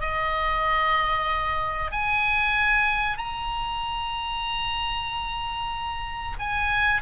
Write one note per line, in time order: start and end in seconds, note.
0.00 1.91 D#5
1.91 3.17 G#5
3.17 6.37 A#5
6.39 7.02 G#5